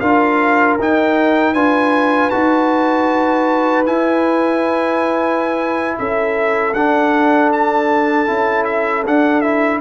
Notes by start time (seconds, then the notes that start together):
0.00 D4 F4 A#4 F5
0.79 D#4 G5
1.54 D4 F4 B4 G#5
2.30 D#4 F#4 A5
3.86 E4 G#5
5.99 C#4 A4 E5
6.74 D4 F#5
7.53 A5
8.27 C#4 E4
8.65 E5
9.05 D4 F#5
9.41 E4 E5